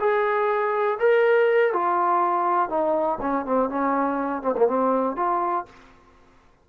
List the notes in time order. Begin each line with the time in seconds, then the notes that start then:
0.00 G#4
1.00 A#4
1.73 F4
2.70 D#4
3.21 C#4
3.46 C4
3.70 C#4
4.43 C4
4.57 A#3
4.68 C4
5.16 F4